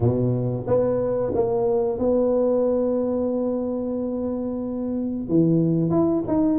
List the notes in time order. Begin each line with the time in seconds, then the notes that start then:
0.00 B2
0.67 B3
1.34 A#3
1.98 B3
5.28 E3
5.90 E4
6.27 D#4